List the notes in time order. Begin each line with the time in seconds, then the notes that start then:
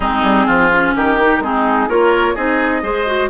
0.00 G#3 C4 D#4 G#4
0.22 G3
0.46 F3 F4
0.71 C#4
0.95 D#3 G4 A#4
1.19 D#4
1.39 G#3 C4 D#4 G#4
1.88 A#3 F4 A#4 C#5
2.35 C4 D#4 G#4 D#5
2.82 G#3 G#4 C5
3.06 F#4